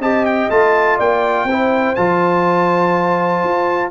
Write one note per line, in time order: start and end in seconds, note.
0.00 0.49 C4
0.00 0.50 G4
0.00 0.98 D#5
0.00 0.26 A5
0.26 0.50 G5
0.50 0.99 A3
0.50 1.49 F4
0.50 0.99 A5
0.98 1.45 A#3
0.98 1.47 D5
0.98 1.95 G5
1.45 1.93 C4
1.45 3.91 C5
1.51 1.97 E4
1.95 3.44 F3
1.95 3.91 F4
1.95 3.91 A5
3.44 3.91 F4